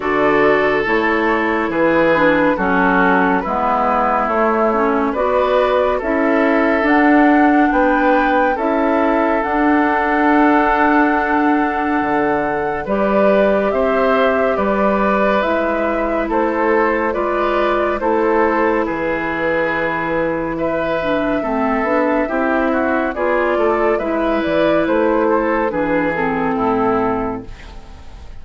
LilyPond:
<<
  \new Staff \with { instrumentName = "flute" } { \time 4/4 \tempo 4 = 70 d''4 cis''4 b'4 a'4 | b'4 cis''4 d''4 e''4 | fis''4 g''4 e''4 fis''4~ | fis''2. d''4 |
e''4 d''4 e''4 c''4 | d''4 c''4 b'2 | e''2. d''4 | e''8 d''8 c''4 b'8 a'4. | }
  \new Staff \with { instrumentName = "oboe" } { \time 4/4 a'2 gis'4 fis'4 | e'2 b'4 a'4~ | a'4 b'4 a'2~ | a'2. b'4 |
c''4 b'2 a'4 | b'4 a'4 gis'2 | b'4 a'4 g'8 fis'8 gis'8 a'8 | b'4. a'8 gis'4 e'4 | }
  \new Staff \with { instrumentName = "clarinet" } { \time 4/4 fis'4 e'4. d'8 cis'4 | b4 a8 cis'8 fis'4 e'4 | d'2 e'4 d'4~ | d'2. g'4~ |
g'2 e'2 | f'4 e'2.~ | e'8 d'8 c'8 d'8 e'4 f'4 | e'2 d'8 c'4. | }
  \new Staff \with { instrumentName = "bassoon" } { \time 4/4 d4 a4 e4 fis4 | gis4 a4 b4 cis'4 | d'4 b4 cis'4 d'4~ | d'2 d4 g4 |
c'4 g4 gis4 a4 | gis4 a4 e2~ | e4 a8 b8 c'4 b8 a8 | gis8 e8 a4 e4 a,4 | }
>>